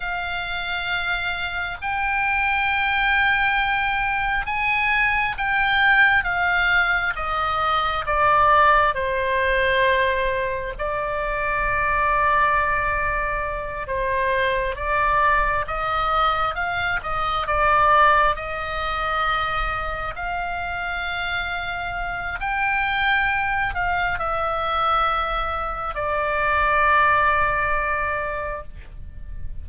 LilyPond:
\new Staff \with { instrumentName = "oboe" } { \time 4/4 \tempo 4 = 67 f''2 g''2~ | g''4 gis''4 g''4 f''4 | dis''4 d''4 c''2 | d''2.~ d''8 c''8~ |
c''8 d''4 dis''4 f''8 dis''8 d''8~ | d''8 dis''2 f''4.~ | f''4 g''4. f''8 e''4~ | e''4 d''2. | }